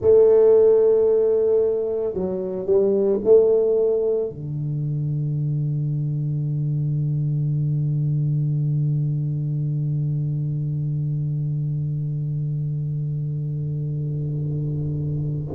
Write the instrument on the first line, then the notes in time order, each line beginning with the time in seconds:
tuba
0.00 A3
2.13 F#3
2.65 G3
3.23 A3
4.29 D3